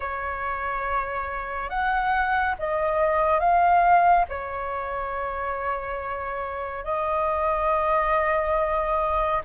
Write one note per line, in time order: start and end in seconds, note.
0.00 1.69 C#5
1.69 2.55 F#5
2.58 3.39 D#5
3.39 4.25 F5
4.28 6.84 C#5
6.84 9.41 D#5